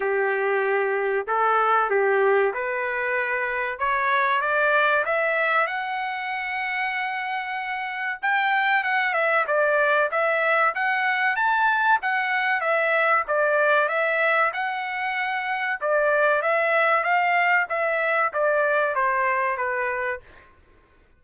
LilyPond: \new Staff \with { instrumentName = "trumpet" } { \time 4/4 \tempo 4 = 95 g'2 a'4 g'4 | b'2 cis''4 d''4 | e''4 fis''2.~ | fis''4 g''4 fis''8 e''8 d''4 |
e''4 fis''4 a''4 fis''4 | e''4 d''4 e''4 fis''4~ | fis''4 d''4 e''4 f''4 | e''4 d''4 c''4 b'4 | }